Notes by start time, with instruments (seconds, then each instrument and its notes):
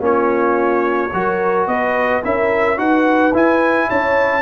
0.00 tuba A#3, trombone C#4, horn F4, trumpet C#5
1.13 tuba F#3, trombone F#4, horn A#4
1.67 tuba B3, horn B4, trumpet D#5
2.23 tuba C#4, trombone E4, horn A#4, trumpet E5
2.77 tuba D#4, trombone F#4, horn B4, trumpet F#5
3.33 tuba E4, trombone E4, trumpet G#5
3.89 tuba C#4, horn C#5, trumpet A5